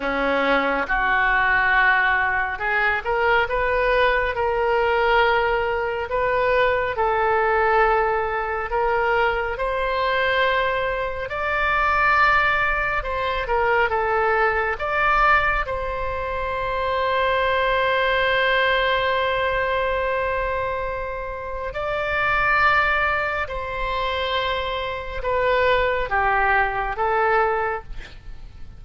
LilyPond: \new Staff \with { instrumentName = "oboe" } { \time 4/4 \tempo 4 = 69 cis'4 fis'2 gis'8 ais'8 | b'4 ais'2 b'4 | a'2 ais'4 c''4~ | c''4 d''2 c''8 ais'8 |
a'4 d''4 c''2~ | c''1~ | c''4 d''2 c''4~ | c''4 b'4 g'4 a'4 | }